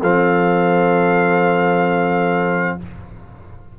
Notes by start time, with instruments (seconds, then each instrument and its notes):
0.00 tuba F3, trombone C4, horn A4, trumpet F5